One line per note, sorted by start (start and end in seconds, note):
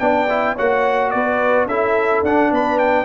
0.00 0.56 B3
0.00 0.28 D4
0.00 0.55 D5
0.00 0.56 G5
0.30 0.57 E4
0.55 1.14 A#3
0.55 1.69 F#4
0.55 1.11 C#5
0.55 1.11 F#5
1.11 1.66 B3
1.11 1.68 B4
1.11 1.66 D5
1.66 2.22 C#4
1.66 2.26 E4
1.66 2.51 A4
1.66 2.24 E5
2.23 2.51 D4
2.23 3.05 D4
2.23 2.53 F#5
2.52 3.05 B3
2.52 3.05 B4
2.52 2.79 B5
2.79 3.05 G5